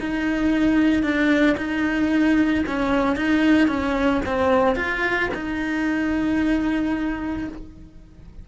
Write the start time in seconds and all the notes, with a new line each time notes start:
0.00 D#4
1.03 D4
1.57 D#4
2.66 C#4
3.16 D#4
3.68 C#4
4.26 C4
4.76 F4
5.34 D#4